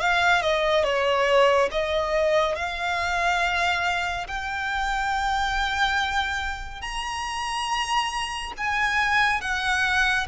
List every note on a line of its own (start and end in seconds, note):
0.00 0.42 F5
0.42 0.84 D#5
0.84 1.69 C#5
1.71 2.56 D#5
2.56 4.27 F5
4.27 6.81 G5
6.81 8.52 A#5
8.57 9.41 G#5
9.41 10.27 F#5